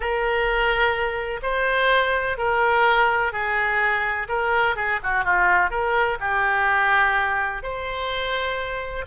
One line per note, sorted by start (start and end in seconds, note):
0.00 1.40 A#4
1.42 2.37 C5
2.37 3.32 A#4
3.32 4.27 G#4
4.28 4.76 A#4
4.76 4.99 G#4
5.03 5.24 F#4
5.24 5.70 F4
5.70 6.18 A#4
6.19 7.62 G4
7.62 9.05 C5